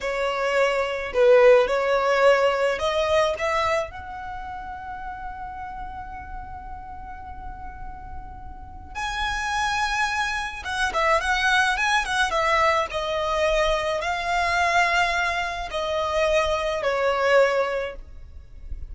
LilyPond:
\new Staff \with { instrumentName = "violin" } { \time 4/4 \tempo 4 = 107 cis''2 b'4 cis''4~ | cis''4 dis''4 e''4 fis''4~ | fis''1~ | fis''1 |
gis''2. fis''8 e''8 | fis''4 gis''8 fis''8 e''4 dis''4~ | dis''4 f''2. | dis''2 cis''2 | }